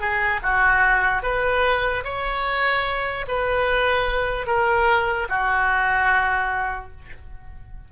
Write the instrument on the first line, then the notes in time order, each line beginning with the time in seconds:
oboe
0.00 G#4
0.42 F#4
1.23 B4
2.04 C#5
3.28 B4
4.47 A#4
5.29 F#4